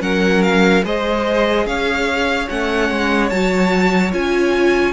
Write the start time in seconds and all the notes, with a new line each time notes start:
0.00 F#3 C#4 A#4 F#5
0.42 F5
0.84 G#3 G#4 C5 D#5
1.66 C#4 C#5 F5
2.49 A3 C#4 F#5
2.91 G#3
3.29 F#3 F#4 A5
4.12 C#4 F4 G#5